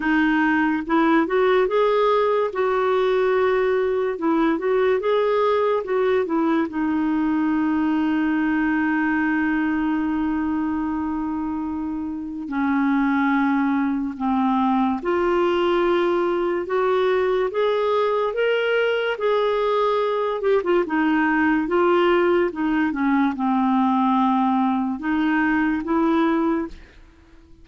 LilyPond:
\new Staff \with { instrumentName = "clarinet" } { \time 4/4 \tempo 4 = 72 dis'4 e'8 fis'8 gis'4 fis'4~ | fis'4 e'8 fis'8 gis'4 fis'8 e'8 | dis'1~ | dis'2. cis'4~ |
cis'4 c'4 f'2 | fis'4 gis'4 ais'4 gis'4~ | gis'8 g'16 f'16 dis'4 f'4 dis'8 cis'8 | c'2 dis'4 e'4 | }